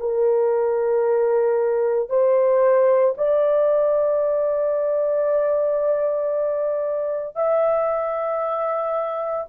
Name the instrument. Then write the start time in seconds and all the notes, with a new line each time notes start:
horn
0.00 A#4
2.10 C5
3.18 D5
7.36 E5